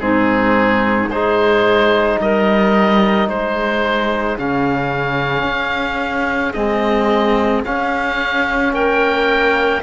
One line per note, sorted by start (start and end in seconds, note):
0.00 1.08 G#2
0.00 1.10 C4
0.00 1.11 D#4
0.00 1.09 G#4
1.08 2.17 G#3
1.08 4.39 D#4
1.08 2.20 G#4
1.08 2.20 C5
2.21 3.28 G3
2.21 3.29 A#4
2.21 3.29 D#5
3.28 4.37 G#3
3.28 8.73 G#4
3.28 4.38 C5
4.39 5.44 C#3
4.39 6.55 C#4
4.39 6.53 F5
5.44 6.53 C#4
6.53 7.64 G#3
6.53 7.64 C4
6.53 7.62 D#5
7.64 9.82 C#4
7.64 8.73 C#4
7.64 8.74 F5
8.73 9.82 A#3
8.73 9.82 A#4
8.73 9.82 G5